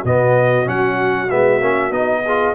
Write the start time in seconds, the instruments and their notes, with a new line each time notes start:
0.00 tuba B2, horn F#4
0.06 trombone B3, trumpet D#5
0.65 tuba F#3, trombone C#4, trumpet F#5
1.31 tuba G#3, trombone B3, trumpet E5
1.61 tuba A#3, trombone C#4
1.91 tuba B3, trombone D#4, trumpet D#5
2.25 trombone F4, horn G#4